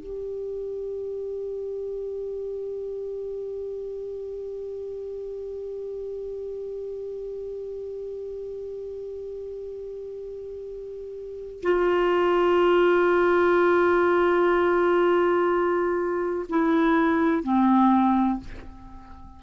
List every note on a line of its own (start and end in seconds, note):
0.00 11.61 G4
11.62 16.46 F4
16.49 17.43 E4
17.43 18.40 C4